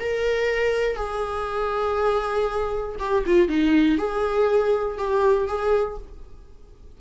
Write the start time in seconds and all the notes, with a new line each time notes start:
0.00 A#4
0.96 G#4
3.00 G4
3.26 F4
3.49 D#4
3.98 G#4
4.98 G4
5.48 G#4